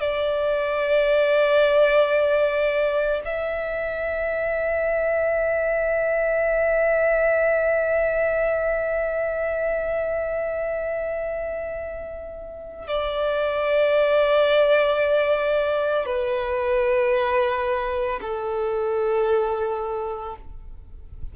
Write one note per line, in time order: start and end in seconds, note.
0.00 3.21 D5
3.24 12.87 E5
12.87 16.05 D5
16.05 18.19 B4
18.21 20.36 A4